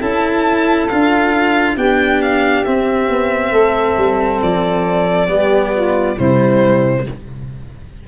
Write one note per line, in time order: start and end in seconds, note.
0.00 0.90 C#4
0.00 0.89 E4
0.00 1.75 A4
0.00 0.88 A5
0.88 1.77 D4
0.88 1.77 F4
0.88 1.77 F5
1.75 2.65 B3
1.75 2.66 D4
1.75 3.51 G4
1.75 2.22 G5
2.22 2.65 F5
2.65 3.09 C4
2.65 5.28 C4
2.65 4.41 E5
3.09 3.52 B3
3.51 3.96 A3
3.51 5.28 A4
3.97 4.42 G3
4.42 5.28 F3
4.42 6.19 D5
5.28 6.17 G3
5.28 6.16 B3
5.28 5.75 G4
5.75 6.16 F4
6.16 7.08 C3
6.16 7.07 G3
6.16 7.04 E4
6.16 7.07 C5